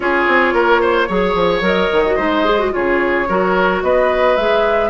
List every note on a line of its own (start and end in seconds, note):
0.00 0.25 C#4
0.00 1.08 F4
0.00 0.54 G#4
0.00 1.62 C#5
0.27 0.53 C4
0.53 1.07 A#3
0.53 0.81 A#4
0.81 1.08 C5
1.08 1.34 F#3
1.08 1.62 G#4
1.08 2.16 C#5
1.34 1.61 F3
1.61 1.88 F#3
1.61 2.02 A#4
1.61 2.73 D#5
1.92 2.19 D#3
2.05 2.17 F#4
2.16 2.73 G#3
2.16 2.45 D#4
2.16 2.70 C5
2.45 2.59 G#4
2.59 2.71 F#4
2.71 3.28 C#3
2.71 3.26 F4
2.71 3.28 G#4
2.71 3.82 C#5
3.28 3.82 F#3
3.28 4.38 F#4
3.28 3.82 A#4
3.82 4.36 B3
3.82 4.90 B4
3.82 4.36 D#5
4.36 4.90 G#3
4.36 4.90 G#4
4.36 4.90 E5